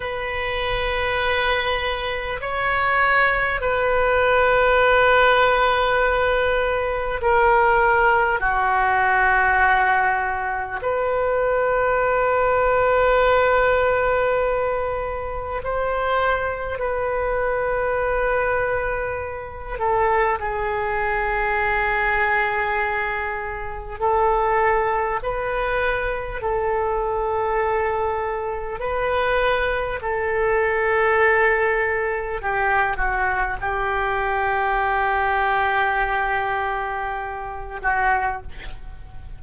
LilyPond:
\new Staff \with { instrumentName = "oboe" } { \time 4/4 \tempo 4 = 50 b'2 cis''4 b'4~ | b'2 ais'4 fis'4~ | fis'4 b'2.~ | b'4 c''4 b'2~ |
b'8 a'8 gis'2. | a'4 b'4 a'2 | b'4 a'2 g'8 fis'8 | g'2.~ g'8 fis'8 | }